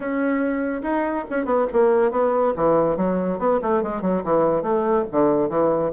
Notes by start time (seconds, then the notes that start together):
0.00 C#4
0.82 D#4
1.29 C#4
1.45 B3
1.72 A#3
2.11 B3
2.56 E3
2.96 F#3
3.38 B3
3.62 A3
3.82 G#3
4.01 F#3
4.24 E3
4.62 A3
5.11 D3
5.49 E3